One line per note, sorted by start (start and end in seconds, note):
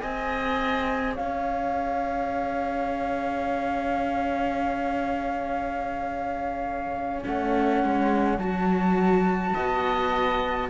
0.00 1.19 C4
0.00 7.22 G#4
0.00 1.14 D#5
0.00 1.15 G#5
1.14 7.25 C#4
1.14 9.51 C#5
1.14 7.22 F5
7.24 7.84 A3
7.24 8.39 C#4
7.24 8.38 F#5
7.84 8.38 G#3
8.38 9.54 F#3
8.38 10.70 F#4
8.38 10.69 A5
9.54 10.70 B3
9.54 10.69 D#5